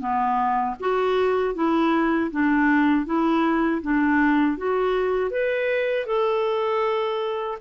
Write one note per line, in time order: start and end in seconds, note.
0.00 0.76 B3
0.80 1.55 F#4
1.55 2.31 E4
2.31 3.06 D4
3.06 3.82 E4
3.82 4.58 D4
4.58 5.31 F#4
5.31 6.07 B4
6.07 7.58 A4